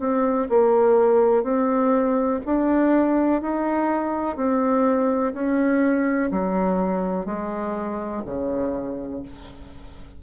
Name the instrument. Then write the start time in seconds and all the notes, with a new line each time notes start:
bassoon
0.00 C4
0.50 A#3
1.44 C4
2.46 D4
3.42 D#4
4.37 C4
5.34 C#4
6.32 F#3
7.26 G#3
8.26 C#3